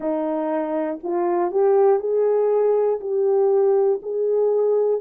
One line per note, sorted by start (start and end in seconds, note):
0.00 0.99 D#4
1.03 1.51 F4
1.51 1.99 G4
1.99 2.99 G#4
3.00 4.00 G4
4.02 5.00 G#4